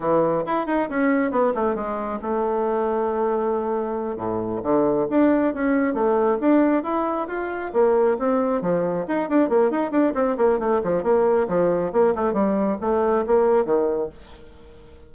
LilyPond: \new Staff \with { instrumentName = "bassoon" } { \time 4/4 \tempo 4 = 136 e4 e'8 dis'8 cis'4 b8 a8 | gis4 a2.~ | a4. a,4 d4 d'8~ | d'8 cis'4 a4 d'4 e'8~ |
e'8 f'4 ais4 c'4 f8~ | f8 dis'8 d'8 ais8 dis'8 d'8 c'8 ais8 | a8 f8 ais4 f4 ais8 a8 | g4 a4 ais4 dis4 | }